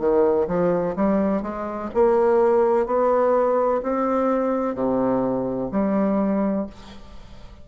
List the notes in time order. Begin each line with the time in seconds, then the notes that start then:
0.00 D#3
0.48 F3
0.97 G3
1.43 G#3
1.94 A#3
2.87 B3
3.83 C4
4.75 C3
5.72 G3